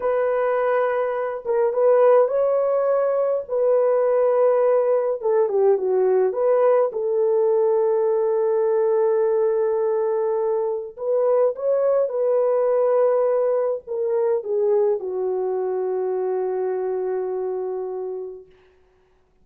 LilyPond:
\new Staff \with { instrumentName = "horn" } { \time 4/4 \tempo 4 = 104 b'2~ b'8 ais'8 b'4 | cis''2 b'2~ | b'4 a'8 g'8 fis'4 b'4 | a'1~ |
a'2. b'4 | cis''4 b'2. | ais'4 gis'4 fis'2~ | fis'1 | }